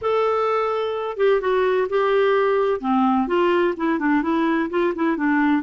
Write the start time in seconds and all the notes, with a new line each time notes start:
0.01 A4
1.17 G4
1.40 F#4
1.89 G4
2.80 C4
3.27 F4
3.76 E4
3.99 D4
4.22 E4
4.70 F4
4.95 E4
5.16 D4